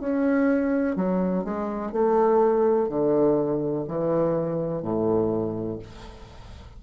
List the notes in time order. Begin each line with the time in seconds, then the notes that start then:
0.00 C#4
0.96 F#3
1.45 G#3
1.93 A3
2.89 D3
3.88 E3
4.83 A2